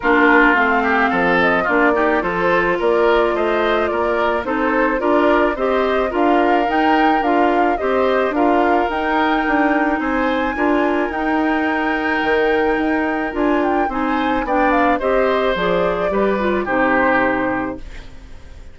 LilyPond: <<
  \new Staff \with { instrumentName = "flute" } { \time 4/4 \tempo 4 = 108 ais'4 f''4. dis''8 d''4 | c''4 d''4 dis''4 d''4 | c''4 d''4 dis''4 f''4 | g''4 f''4 dis''4 f''4 |
g''2 gis''2 | g''1 | gis''8 g''8 gis''4 g''8 f''8 dis''4 | d''2 c''2 | }
  \new Staff \with { instrumentName = "oboe" } { \time 4/4 f'4. g'8 a'4 f'8 g'8 | a'4 ais'4 c''4 ais'4 | a'4 ais'4 c''4 ais'4~ | ais'2 c''4 ais'4~ |
ais'2 c''4 ais'4~ | ais'1~ | ais'4 c''4 d''4 c''4~ | c''4 b'4 g'2 | }
  \new Staff \with { instrumentName = "clarinet" } { \time 4/4 d'4 c'2 d'8 dis'8 | f'1 | dis'4 f'4 g'4 f'4 | dis'4 f'4 g'4 f'4 |
dis'2. f'4 | dis'1 | f'4 dis'4 d'4 g'4 | gis'4 g'8 f'8 dis'2 | }
  \new Staff \with { instrumentName = "bassoon" } { \time 4/4 ais4 a4 f4 ais4 | f4 ais4 a4 ais4 | c'4 d'4 c'4 d'4 | dis'4 d'4 c'4 d'4 |
dis'4 d'4 c'4 d'4 | dis'2 dis4 dis'4 | d'4 c'4 b4 c'4 | f4 g4 c2 | }
>>